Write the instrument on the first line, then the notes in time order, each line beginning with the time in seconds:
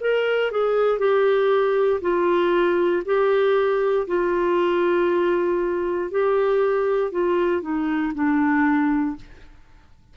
clarinet
0.00 A#4
0.51 G#4
0.98 G4
2.01 F4
3.05 G4
4.07 F4
6.10 G4
7.11 F4
7.61 D#4
8.14 D4